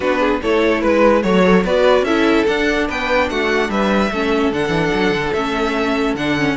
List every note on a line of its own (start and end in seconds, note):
0.00 0.41 B3
0.00 0.42 D4
0.00 0.19 F#4
0.00 0.41 B4
0.19 0.40 G#4
0.42 0.83 A3
0.42 1.23 E4
0.42 0.80 A4
0.42 0.82 C#5
0.80 1.23 G#3
0.80 1.22 B4
1.22 1.64 F#3
1.22 1.42 A3
1.22 1.63 C#5
1.22 1.64 C#5
1.42 1.63 A4
1.64 2.02 B3
1.64 2.06 F#4
1.64 2.05 B4
1.64 2.04 D5
2.02 2.43 C#4
2.02 2.46 E4
2.02 2.87 A4
2.02 2.45 E5
2.46 4.10 D4
2.46 2.89 D4
2.46 2.87 F#5
2.87 3.30 B3
2.87 3.28 B4
2.87 3.29 G5
3.29 3.69 A3
3.29 3.71 F#4
3.29 3.70 F#5
3.69 4.10 G3
3.69 4.10 B4
3.69 4.52 E5
4.10 4.52 A3
4.10 4.52 C#4
4.10 6.56 A4
4.52 4.68 D3
4.52 5.35 D4
4.52 5.33 F#5
4.68 4.89 E3
4.94 5.11 F#3
5.11 5.31 D3
5.33 6.14 A3
5.33 6.17 C#4
5.33 6.15 E5
6.14 6.55 D3
6.14 6.37 D4
6.14 6.56 F#5
6.37 6.56 C#4